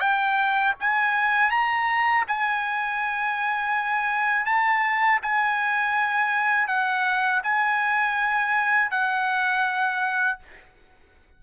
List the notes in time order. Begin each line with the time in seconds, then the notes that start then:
0.00 G5
0.80 G#5
1.50 A#5
2.28 G#5
4.45 A5
5.23 G#5
6.68 F#5
7.43 G#5
8.91 F#5